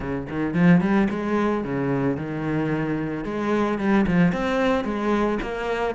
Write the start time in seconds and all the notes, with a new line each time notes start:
0.00 C#3
0.29 D#3
0.54 F3
0.80 G3
1.10 G#3
1.64 C#3
2.16 D#3
3.24 G#3
3.78 G3
4.06 F3
4.32 C4
4.84 G#3
5.42 A#3